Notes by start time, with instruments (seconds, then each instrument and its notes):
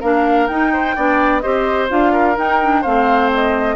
0.00 bassoon A#3, clarinet D4, oboe A#4, flute F5
0.47 bassoon D#4, clarinet D#4, flute G5
0.73 oboe C5
0.96 bassoon B3, clarinet D4, oboe D5
1.40 bassoon C4, clarinet G4, oboe C5, flute D#5
1.89 bassoon D4, clarinet F4, flute F5
2.12 oboe A#4
2.37 clarinet D#4, bassoon D#4, flute G5
2.61 clarinet D4
2.81 bassoon A3, clarinet C4, oboe C5, flute F5
3.33 flute D#5